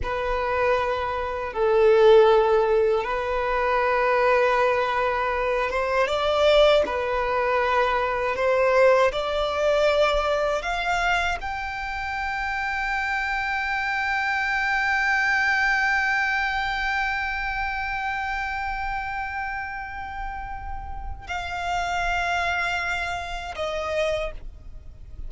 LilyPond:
\new Staff \with { instrumentName = "violin" } { \time 4/4 \tempo 4 = 79 b'2 a'2 | b'2.~ b'8 c''8 | d''4 b'2 c''4 | d''2 f''4 g''4~ |
g''1~ | g''1~ | g''1 | f''2. dis''4 | }